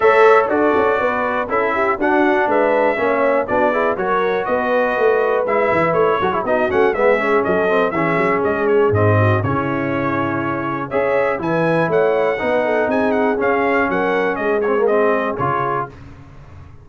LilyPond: <<
  \new Staff \with { instrumentName = "trumpet" } { \time 4/4 \tempo 4 = 121 e''4 d''2 e''4 | fis''4 e''2 d''4 | cis''4 dis''2 e''4 | cis''4 dis''8 fis''8 e''4 dis''4 |
e''4 dis''8 cis''8 dis''4 cis''4~ | cis''2 e''4 gis''4 | fis''2 gis''8 fis''8 f''4 | fis''4 dis''8 cis''8 dis''4 cis''4 | }
  \new Staff \with { instrumentName = "horn" } { \time 4/4 cis''4 a'4 b'4 a'8 g'8 | fis'4 b'4 cis''4 fis'8 gis'8 | ais'4 b'2.~ | b'8 a'16 gis'16 fis'4 gis'4 a'4 |
gis'2~ gis'8 fis'8 e'4~ | e'2 cis''4 b'4 | cis''4 b'8 a'8 gis'2 | ais'4 gis'2. | }
  \new Staff \with { instrumentName = "trombone" } { \time 4/4 a'4 fis'2 e'4 | d'2 cis'4 d'8 e'8 | fis'2. e'4~ | e'8 fis'16 e'16 dis'8 cis'8 b8 cis'4 c'8 |
cis'2 c'4 cis'4~ | cis'2 gis'4 e'4~ | e'4 dis'2 cis'4~ | cis'4. c'16 ais16 c'4 f'4 | }
  \new Staff \with { instrumentName = "tuba" } { \time 4/4 a4 d'8 cis'8 b4 cis'4 | d'4 gis4 ais4 b4 | fis4 b4 a4 gis8 e8 | a8 fis8 b8 a8 gis4 fis4 |
e8 fis8 gis4 gis,4 cis4~ | cis2 cis'4 e4 | a4 b4 c'4 cis'4 | fis4 gis2 cis4 | }
>>